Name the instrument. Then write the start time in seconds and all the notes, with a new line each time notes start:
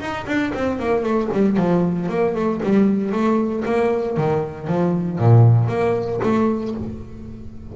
double bass
0.00 D#4
0.27 D4
0.54 C4
0.79 A#3
1.03 A3
1.33 G3
1.57 F3
2.09 A#3
2.35 A3
2.63 G3
3.12 A3
3.65 A#3
4.17 D#3
4.67 F3
5.18 A#2
5.68 A#3
6.23 A3